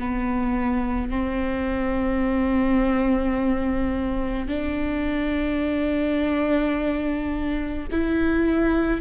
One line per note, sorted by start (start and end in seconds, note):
0.00 1.11 B3
1.11 4.49 C4
4.49 7.88 D4
7.92 9.01 E4